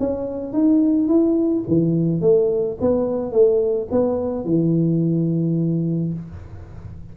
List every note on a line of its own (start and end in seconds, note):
0.00 0.54 C#4
0.54 1.09 D#4
1.09 1.65 E4
1.68 2.22 E3
2.22 2.78 A3
2.81 3.32 B3
3.32 3.88 A3
3.92 4.45 B3
4.45 6.14 E3